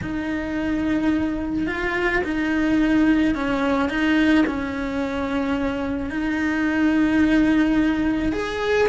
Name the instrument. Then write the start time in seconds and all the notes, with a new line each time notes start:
cello
0.02 D#4
1.67 F4
2.24 D#4
3.34 C#4
3.89 D#4
4.46 C#4
6.10 D#4
8.32 G#4